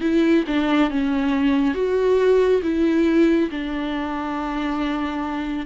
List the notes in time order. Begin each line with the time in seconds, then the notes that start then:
0.00 E4
0.47 D4
0.90 C#4
1.74 F#4
2.62 E4
3.50 D4